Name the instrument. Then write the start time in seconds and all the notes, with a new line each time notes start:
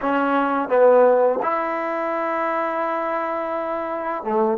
trombone
0.01 C#4
0.68 B3
1.42 E4
4.24 A3